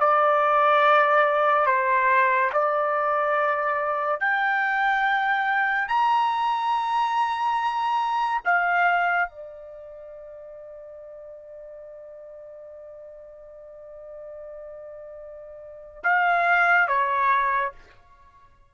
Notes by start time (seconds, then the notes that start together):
0.00 D5
1.66 C5
2.53 D5
4.21 G5
5.88 A#5
8.45 F5
9.30 D5
16.04 F5
16.88 C#5